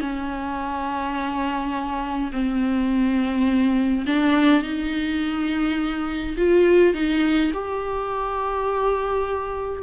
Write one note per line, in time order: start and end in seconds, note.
0.00 2.31 C#4
2.32 4.05 C4
4.06 4.63 D4
4.63 6.36 D#4
6.37 6.94 F4
6.94 7.51 D#4
7.53 9.82 G4